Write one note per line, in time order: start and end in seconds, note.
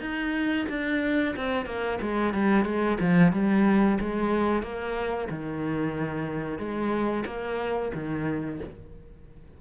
0.00 0.66 D#4
0.69 1.35 D4
1.36 1.65 C4
1.65 1.98 A#3
2.01 2.33 G#3
2.33 2.65 G3
2.65 2.98 G#3
3.00 3.32 F3
3.32 3.98 G3
4.00 4.62 G#3
4.62 5.28 A#3
5.29 6.58 D#3
6.58 7.24 G#3
7.25 7.91 A#3
7.94 8.60 D#3